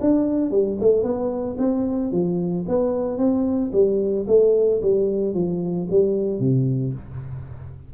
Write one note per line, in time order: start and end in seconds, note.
0.00 0.50 D4
0.50 0.77 G3
0.80 1.02 A3
1.02 1.56 B3
1.58 2.11 C4
2.11 2.65 F3
2.68 3.17 B3
3.17 3.71 C4
3.72 4.26 G3
4.27 4.80 A3
4.81 5.34 G3
5.34 5.87 F3
5.90 6.39 G3
6.39 6.93 C3